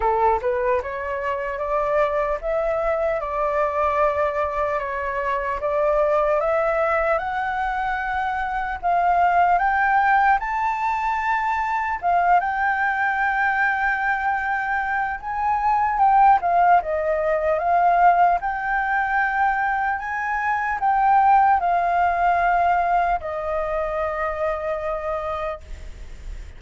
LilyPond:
\new Staff \with { instrumentName = "flute" } { \time 4/4 \tempo 4 = 75 a'8 b'8 cis''4 d''4 e''4 | d''2 cis''4 d''4 | e''4 fis''2 f''4 | g''4 a''2 f''8 g''8~ |
g''2. gis''4 | g''8 f''8 dis''4 f''4 g''4~ | g''4 gis''4 g''4 f''4~ | f''4 dis''2. | }